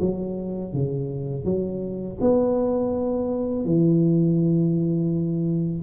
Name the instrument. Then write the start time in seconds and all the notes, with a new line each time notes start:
tuba
0.00 F#3
0.73 C#3
1.44 F#3
2.20 B3
3.65 E3